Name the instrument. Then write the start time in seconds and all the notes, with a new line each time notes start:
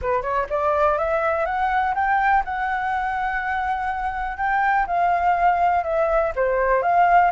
flute
0.01 B4
0.22 C#5
0.49 D5
0.98 E5
1.45 F#5
1.94 G5
2.44 F#5
4.37 G5
4.86 F5
5.83 E5
6.35 C5
6.82 F5